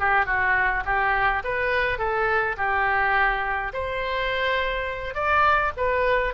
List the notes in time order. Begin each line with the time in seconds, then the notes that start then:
0.00 G4
0.26 F#4
0.85 G4
1.44 B4
1.99 A4
2.58 G4
3.73 C5
5.15 D5
5.77 B4